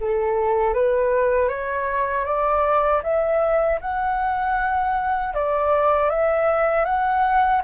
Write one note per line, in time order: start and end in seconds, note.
0.00 0.74 A4
0.74 1.48 B4
1.48 2.25 C#5
2.25 3.02 D5
3.03 3.80 E5
3.81 5.34 F#5
5.34 6.10 D5
6.10 6.85 E5
6.85 7.62 F#5